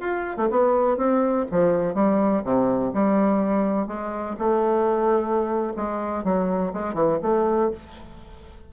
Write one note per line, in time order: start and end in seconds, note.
0.00 0.37 F4
0.37 0.49 A3
0.51 0.97 B3
0.97 1.46 C4
1.51 1.94 F3
1.94 2.43 G3
2.44 2.93 C3
2.94 3.87 G3
3.87 4.36 G#3
4.39 5.73 A3
5.76 6.24 G#3
6.24 6.73 F#3
6.73 6.94 G#3
6.94 7.18 E3
7.23 7.71 A3